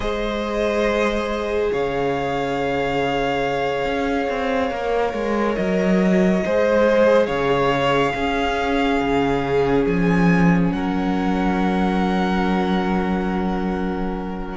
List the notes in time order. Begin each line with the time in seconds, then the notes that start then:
0.00 G#3 G#4 C5 D#5
1.72 C#3 C#5 F5
3.85 C#4
4.29 C4
4.70 A#3 A#4
5.13 G#3
5.55 F#3 D#5
6.45 G#3 G#4 C5
7.26 C#3 C#5 F5
8.14 C#4 G#4
8.99 C#3
9.86 F3 G#5
10.71 F#3 A#4 F#5